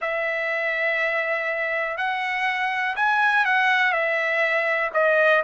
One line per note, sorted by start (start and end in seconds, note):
0.00 1.97 E5
1.97 2.95 F#5
2.96 3.45 G#5
3.45 3.92 F#5
3.92 4.90 E5
4.93 5.42 D#5